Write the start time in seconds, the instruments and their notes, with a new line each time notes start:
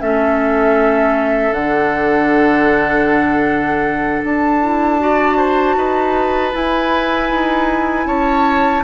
0.00 bassoon A3, clarinet C#4, oboe A4, flute E5
1.51 bassoon D3, clarinet D4, flute F#5
4.24 bassoon D4, flute A5
4.62 clarinet E4
5.00 clarinet F#4, oboe D5
5.37 oboe C5
5.76 bassoon D#4, oboe B4
6.52 clarinet E4, bassoon E4, flute G#5
7.30 bassoon D#4
8.06 bassoon C#4, oboe C#5, flute A5